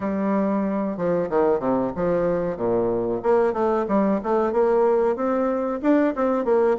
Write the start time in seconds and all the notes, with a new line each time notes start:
0.00 G3
0.97 F3
1.29 D#3
1.59 C3
1.95 F3
2.56 A#2
3.23 A#3
3.53 A3
3.88 G3
4.23 A3
4.52 A#3
5.16 C4
5.82 D4
6.15 C4
6.44 A#3